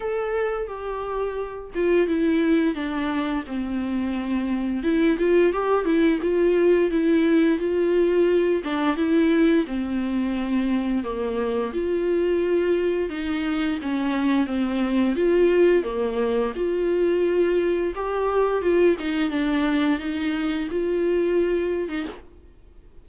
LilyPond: \new Staff \with { instrumentName = "viola" } { \time 4/4 \tempo 4 = 87 a'4 g'4. f'8 e'4 | d'4 c'2 e'8 f'8 | g'8 e'8 f'4 e'4 f'4~ | f'8 d'8 e'4 c'2 |
ais4 f'2 dis'4 | cis'4 c'4 f'4 ais4 | f'2 g'4 f'8 dis'8 | d'4 dis'4 f'4.~ f'16 dis'16 | }